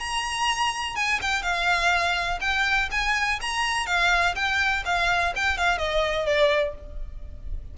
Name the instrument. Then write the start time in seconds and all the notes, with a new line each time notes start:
violin
0.00 A#5
0.96 G#5
1.22 G5
1.43 F5
2.41 G5
2.91 G#5
3.41 A#5
3.86 F5
4.35 G5
4.86 F5
5.36 G5
5.58 F5
5.78 D#5
6.26 D5